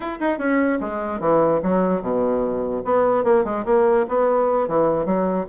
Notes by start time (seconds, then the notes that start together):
0.00 E4
0.20 D#4
0.38 C#4
0.80 G#3
1.20 E3
1.62 F#3
2.01 B2
2.84 B3
3.24 A#3
3.44 G#3
3.65 A#3
4.08 B3
4.68 E3
5.05 F#3